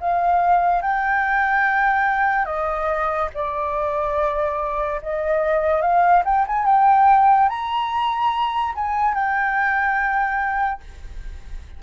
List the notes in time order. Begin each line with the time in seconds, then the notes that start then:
0.00 F5
0.81 G5
2.45 D#5
3.34 D5
5.02 D#5
5.81 F5
6.25 G5
6.47 G#5
6.65 G5
7.49 A#5
8.75 G#5
9.14 G5